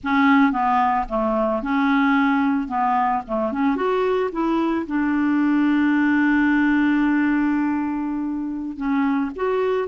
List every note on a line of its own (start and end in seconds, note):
0.03 0.52 C#4
0.52 1.06 B3
1.08 1.62 A3
1.62 2.68 C#4
2.68 3.22 B3
3.27 3.52 A3
3.52 3.76 C#4
3.76 4.30 F#4
4.31 4.86 E4
4.86 8.76 D4
8.76 9.30 C#4
9.35 9.88 F#4